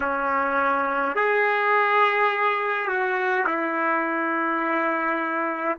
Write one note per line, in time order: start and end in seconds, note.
0.00 1.15 C#4
1.15 2.87 G#4
2.87 3.45 F#4
3.46 5.77 E4